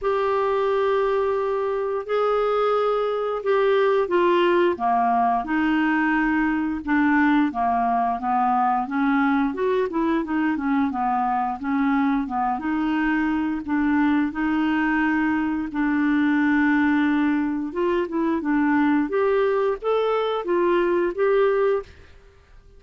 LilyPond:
\new Staff \with { instrumentName = "clarinet" } { \time 4/4 \tempo 4 = 88 g'2. gis'4~ | gis'4 g'4 f'4 ais4 | dis'2 d'4 ais4 | b4 cis'4 fis'8 e'8 dis'8 cis'8 |
b4 cis'4 b8 dis'4. | d'4 dis'2 d'4~ | d'2 f'8 e'8 d'4 | g'4 a'4 f'4 g'4 | }